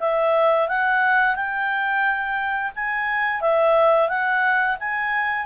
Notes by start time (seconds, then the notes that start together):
0.00 E5
0.68 F#5
1.36 G5
2.76 G#5
3.41 E5
4.08 F#5
4.80 G#5